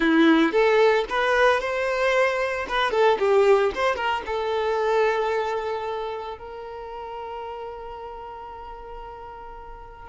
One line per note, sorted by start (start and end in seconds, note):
0.00 0.51 E4
0.51 1.05 A4
1.09 1.60 B4
1.60 2.66 C5
2.68 2.91 B4
2.91 3.17 A4
3.18 3.71 G4
3.74 3.95 C5
3.95 4.22 A#4
4.26 6.38 A4
6.38 10.09 A#4